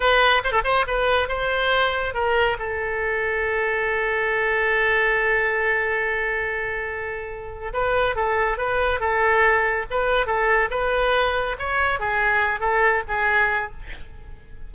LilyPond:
\new Staff \with { instrumentName = "oboe" } { \time 4/4 \tempo 4 = 140 b'4 c''16 a'16 c''8 b'4 c''4~ | c''4 ais'4 a'2~ | a'1~ | a'1~ |
a'2 b'4 a'4 | b'4 a'2 b'4 | a'4 b'2 cis''4 | gis'4. a'4 gis'4. | }